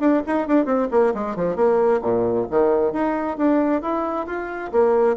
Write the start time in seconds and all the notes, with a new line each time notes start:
0.00 D4
0.26 D#4
0.47 D4
0.66 C4
0.91 A#3
1.14 G#3
1.36 F3
1.56 A#3
2.02 A#2
2.50 D#3
2.93 D#4
3.37 D4
3.82 E4
4.27 F4
4.72 A#3